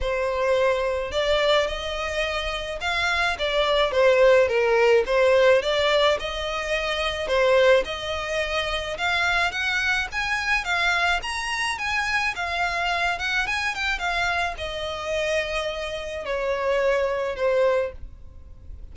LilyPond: \new Staff \with { instrumentName = "violin" } { \time 4/4 \tempo 4 = 107 c''2 d''4 dis''4~ | dis''4 f''4 d''4 c''4 | ais'4 c''4 d''4 dis''4~ | dis''4 c''4 dis''2 |
f''4 fis''4 gis''4 f''4 | ais''4 gis''4 f''4. fis''8 | gis''8 g''8 f''4 dis''2~ | dis''4 cis''2 c''4 | }